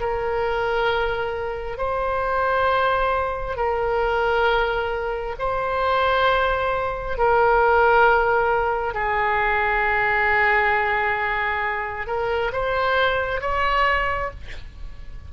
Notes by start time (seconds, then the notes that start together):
0.00 A#4
1.77 C5
3.56 A#4
5.39 C5
7.18 A#4
8.94 G#4
12.07 A#4
12.53 C5
13.40 C#5